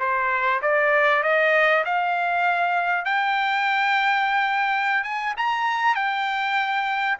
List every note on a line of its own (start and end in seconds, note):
0.00 0.61 C5
0.62 1.23 D5
1.24 1.85 D#5
1.86 3.05 F5
3.05 5.04 G5
5.04 5.35 G#5
5.37 5.96 A#5
5.96 7.18 G5